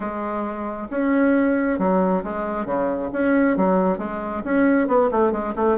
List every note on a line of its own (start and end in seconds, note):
0.00 0.88 G#3
0.90 1.78 C#4
1.78 2.23 F#3
2.23 2.65 G#3
2.65 3.10 C#3
3.13 3.57 C#4
3.57 3.98 F#3
3.98 4.42 G#3
4.44 4.87 C#4
4.87 5.09 B3
5.11 5.32 A3
5.32 5.54 G#3
5.55 5.78 A3